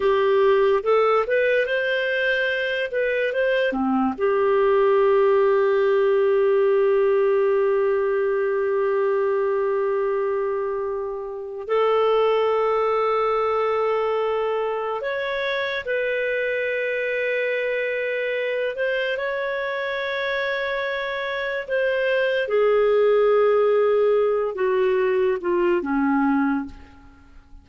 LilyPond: \new Staff \with { instrumentName = "clarinet" } { \time 4/4 \tempo 4 = 72 g'4 a'8 b'8 c''4. b'8 | c''8 c'8 g'2.~ | g'1~ | g'2 a'2~ |
a'2 cis''4 b'4~ | b'2~ b'8 c''8 cis''4~ | cis''2 c''4 gis'4~ | gis'4. fis'4 f'8 cis'4 | }